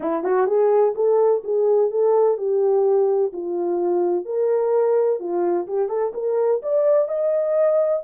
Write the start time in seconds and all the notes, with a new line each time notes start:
0.00 E4
0.23 F#4
0.46 G#4
0.95 A4
1.43 G#4
1.90 A4
2.37 G4
3.32 F4
4.25 A#4
5.19 F4
5.67 G4
5.88 A4
6.14 A#4
6.62 D5
7.08 D#5